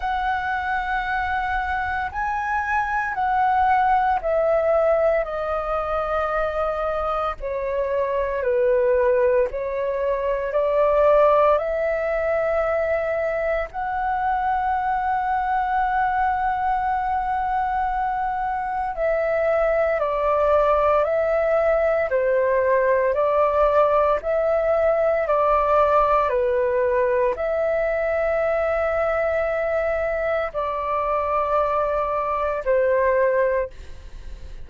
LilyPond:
\new Staff \with { instrumentName = "flute" } { \time 4/4 \tempo 4 = 57 fis''2 gis''4 fis''4 | e''4 dis''2 cis''4 | b'4 cis''4 d''4 e''4~ | e''4 fis''2.~ |
fis''2 e''4 d''4 | e''4 c''4 d''4 e''4 | d''4 b'4 e''2~ | e''4 d''2 c''4 | }